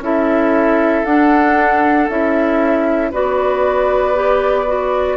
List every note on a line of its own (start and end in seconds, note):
0.00 1.03 C#4
0.00 1.06 E4
0.00 3.11 A4
0.00 1.05 E5
1.05 2.09 D4
1.05 2.09 F#5
2.09 3.13 C#4
2.09 3.13 E4
2.09 3.13 E5
3.11 5.17 B3
3.11 4.14 F#4
3.11 5.17 B4
3.11 5.17 D5
4.14 4.66 G4
4.67 5.17 F#4